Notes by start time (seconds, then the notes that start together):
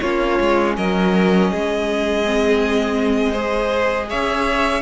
0.00 A#3 C#4 F4 C#5
0.40 G#3
0.76 F#3 A#4 D#5
1.51 G#3 G#4
2.25 C4
3.31 G#4 C5
4.09 C#4 C#5 E5